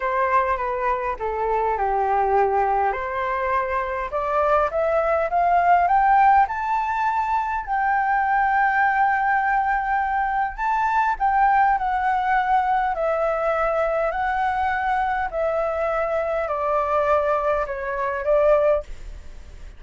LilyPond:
\new Staff \with { instrumentName = "flute" } { \time 4/4 \tempo 4 = 102 c''4 b'4 a'4 g'4~ | g'4 c''2 d''4 | e''4 f''4 g''4 a''4~ | a''4 g''2.~ |
g''2 a''4 g''4 | fis''2 e''2 | fis''2 e''2 | d''2 cis''4 d''4 | }